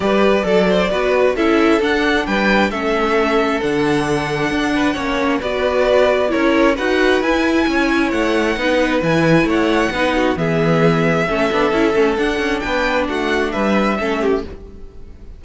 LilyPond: <<
  \new Staff \with { instrumentName = "violin" } { \time 4/4 \tempo 4 = 133 d''2. e''4 | fis''4 g''4 e''2 | fis''1 | d''2 cis''4 fis''4 |
gis''2 fis''2 | gis''4 fis''2 e''4~ | e''2. fis''4 | g''4 fis''4 e''2 | }
  \new Staff \with { instrumentName = "violin" } { \time 4/4 b'4 a'8 c''8 b'4 a'4~ | a'4 b'4 a'2~ | a'2~ a'8 b'8 cis''4 | b'2 ais'4 b'4~ |
b'4 cis''2 b'4~ | b'4 cis''4 b'8 fis'8 gis'4~ | gis'4 a'2. | b'4 fis'4 b'4 a'8 g'8 | }
  \new Staff \with { instrumentName = "viola" } { \time 4/4 g'4 a'4 fis'4 e'4 | d'2 cis'2 | d'2. cis'4 | fis'2 e'4 fis'4 |
e'2. dis'4 | e'2 dis'4 b4~ | b4 cis'8 d'8 e'8 cis'8 d'4~ | d'2. cis'4 | }
  \new Staff \with { instrumentName = "cello" } { \time 4/4 g4 fis4 b4 cis'4 | d'4 g4 a2 | d2 d'4 ais4 | b2 cis'4 dis'4 |
e'4 cis'4 a4 b4 | e4 a4 b4 e4~ | e4 a8 b8 cis'8 a8 d'8 cis'8 | b4 a4 g4 a4 | }
>>